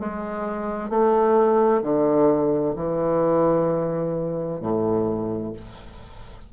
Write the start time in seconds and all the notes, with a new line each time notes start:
0.00 G#3
0.90 A3
1.83 D3
2.76 E3
4.61 A2